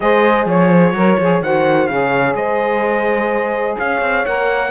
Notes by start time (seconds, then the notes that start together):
0.00 G#3 G#4 C5 D#5
0.46 F3 C#5
0.70 C5
0.93 F#3 A#4 C#5
1.17 F3 G#4
1.41 D#3 F#4 C5 F#5
1.87 C#3 G#4 C#5 F5
2.34 G#3 C5 D#5
3.78 C#4 C#5 F5
4.01 C4
4.25 A#3 A#4 F#5